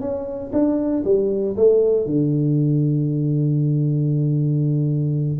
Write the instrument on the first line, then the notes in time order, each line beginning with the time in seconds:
tuba
0.00 C#4
0.52 D4
1.05 G3
1.56 A3
2.05 D3